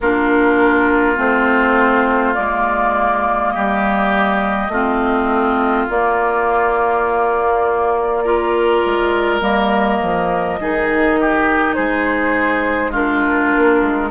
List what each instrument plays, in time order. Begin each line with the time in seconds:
0.00 bassoon A#3, clarinet D4, oboe F4, flute A#4
1.16 bassoon A3, clarinet C4, flute C5
2.33 bassoon G#3, clarinet A#3, flute D5
3.50 bassoon G3, oboe G4, flute D#5
4.68 bassoon A3, clarinet C4, oboe F4
5.88 clarinet A#3, bassoon A#3, flute D5
8.24 clarinet F4, oboe A#4
8.85 bassoon G#3
9.40 bassoon G3, clarinet A#3, flute D#5
10.02 bassoon F3
10.60 bassoon D#3, clarinet D#4, oboe G#4
11.20 oboe G4
11.74 bassoon G#3, oboe G#4, flute C5
12.91 clarinet D4, oboe F4, flute A#4
13.56 bassoon A#3
13.81 bassoon G#3